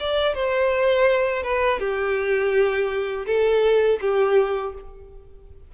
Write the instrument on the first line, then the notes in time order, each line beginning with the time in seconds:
violin
0.00 D5
0.35 C5
1.43 B4
1.80 G4
3.26 A4
4.01 G4